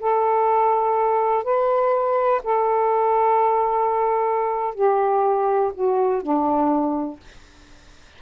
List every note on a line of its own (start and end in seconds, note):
0.00 1.43 A4
1.43 2.41 B4
2.43 4.74 A4
4.74 5.72 G4
5.74 6.22 F#4
6.22 7.20 D4